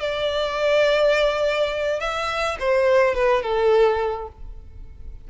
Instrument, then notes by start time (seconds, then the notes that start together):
violin
0.00 D5
2.00 E5
2.60 C5
3.15 B4
3.42 A4